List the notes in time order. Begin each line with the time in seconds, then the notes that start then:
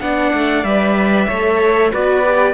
0.00 B3 D4 D5 F#5
0.34 A3
0.63 G3 B4 E5
1.28 A3 A4 C#5
1.92 B3 F#4 B4 D5
2.25 G4